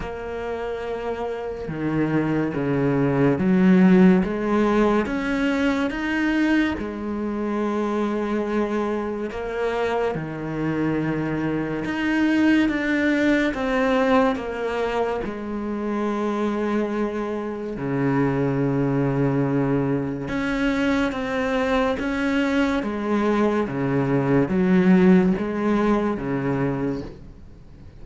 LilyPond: \new Staff \with { instrumentName = "cello" } { \time 4/4 \tempo 4 = 71 ais2 dis4 cis4 | fis4 gis4 cis'4 dis'4 | gis2. ais4 | dis2 dis'4 d'4 |
c'4 ais4 gis2~ | gis4 cis2. | cis'4 c'4 cis'4 gis4 | cis4 fis4 gis4 cis4 | }